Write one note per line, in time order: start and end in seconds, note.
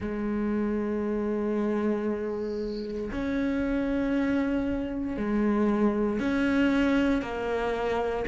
0.00 3.10 G#3
3.12 5.17 C#4
5.17 6.19 G#3
6.19 7.21 C#4
7.21 8.25 A#3